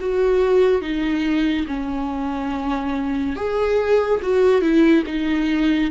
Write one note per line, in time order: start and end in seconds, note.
0.00 0.81 F#4
0.81 1.66 D#4
1.67 3.36 C#4
3.36 4.20 G#4
4.22 4.61 F#4
4.61 5.04 E4
5.06 5.90 D#4